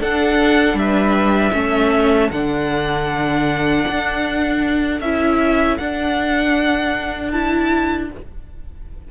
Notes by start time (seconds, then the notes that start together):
0.00 D4 A4 F#5
0.74 G3 E5
0.80 B4
1.53 A3 C#4 A4
2.31 D3 D4 F#5
3.88 D4
5.00 C#4 E4 E5
5.77 D4 F#5
7.31 E4 A5